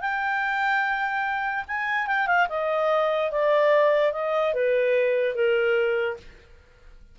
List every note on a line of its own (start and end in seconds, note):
0.00 1.64 G5
1.67 2.07 G#5
2.07 2.27 G5
2.27 2.47 F5
2.49 3.31 D#5
3.31 4.12 D5
4.12 4.53 D#5
4.53 5.35 B4
5.35 6.17 A#4